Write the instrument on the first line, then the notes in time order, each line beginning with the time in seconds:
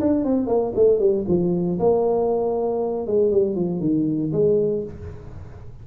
tuba
0.00 D4
0.24 C4
0.47 A#3
0.75 A3
0.99 G3
1.27 F3
1.79 A#3
3.07 G#3
3.31 G3
3.55 F3
3.80 D#3
4.32 G#3